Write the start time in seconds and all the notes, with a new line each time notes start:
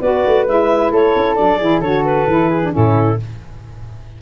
0.00 B3 F#4 B4 D5
0.26 A3
0.46 G#3 E4 E5
0.91 A3 A4 C#5
1.16 C#4
1.35 F#3 D4 D5
1.58 E3 E4 G#4
1.81 D3 F#4 A4 C#5
2.05 B4
2.27 E3 E4
2.49 G#4
2.62 D4
2.72 A2 C#4 E4 A4